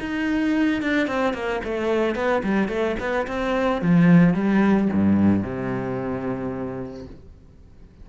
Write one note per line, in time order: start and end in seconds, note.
0.00 0.82 D#4
0.82 1.07 D4
1.07 1.34 C4
1.34 1.61 A#3
1.64 2.15 A3
2.15 2.42 B3
2.43 2.69 G3
2.69 2.96 A3
3.00 3.27 B3
3.27 3.82 C4
3.82 4.34 F3
4.34 4.88 G3
4.93 5.43 G2
5.43 7.07 C3